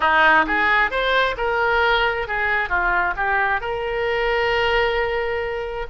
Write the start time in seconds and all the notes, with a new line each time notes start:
0.00 D#4
0.46 G#4
0.90 C5
1.37 A#4
2.27 G#4
2.69 F4
3.16 G4
3.60 A#4